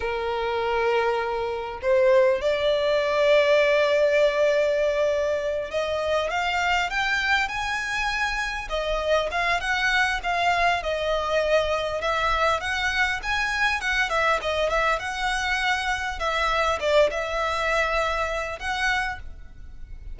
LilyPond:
\new Staff \with { instrumentName = "violin" } { \time 4/4 \tempo 4 = 100 ais'2. c''4 | d''1~ | d''4. dis''4 f''4 g''8~ | g''8 gis''2 dis''4 f''8 |
fis''4 f''4 dis''2 | e''4 fis''4 gis''4 fis''8 e''8 | dis''8 e''8 fis''2 e''4 | d''8 e''2~ e''8 fis''4 | }